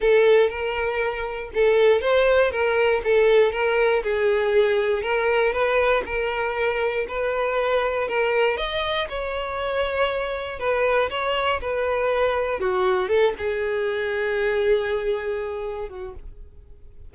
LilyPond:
\new Staff \with { instrumentName = "violin" } { \time 4/4 \tempo 4 = 119 a'4 ais'2 a'4 | c''4 ais'4 a'4 ais'4 | gis'2 ais'4 b'4 | ais'2 b'2 |
ais'4 dis''4 cis''2~ | cis''4 b'4 cis''4 b'4~ | b'4 fis'4 a'8 gis'4.~ | gis'2.~ gis'8 fis'8 | }